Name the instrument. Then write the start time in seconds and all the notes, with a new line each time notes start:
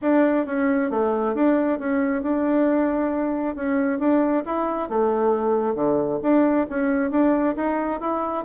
bassoon
0.01 D4
0.46 C#4
0.90 A3
1.34 D4
1.79 C#4
2.22 D4
3.55 C#4
3.99 D4
4.45 E4
4.89 A3
5.74 D3
6.22 D4
6.69 C#4
7.11 D4
7.56 D#4
8.00 E4